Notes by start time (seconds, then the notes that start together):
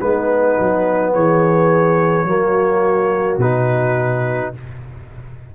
0.00 G#3 B3 D#4 B4
0.59 F#3
1.14 E3 G#4 C#5
2.25 F#3 A#3 F#4
3.37 B2 D#4 B4